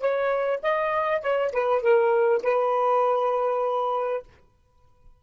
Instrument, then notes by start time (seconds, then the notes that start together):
saxophone
0.00 C#5
0.62 D#5
1.21 C#5
1.52 B4
1.82 A#4
2.43 B4